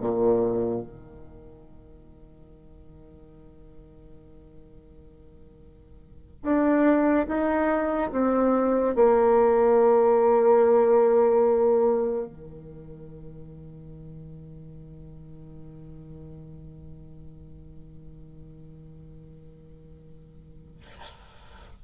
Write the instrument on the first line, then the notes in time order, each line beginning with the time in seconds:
bassoon
0.00 A#2
0.82 D#3
6.43 D4
7.27 D#4
8.12 C4
8.95 A#3
12.26 D#3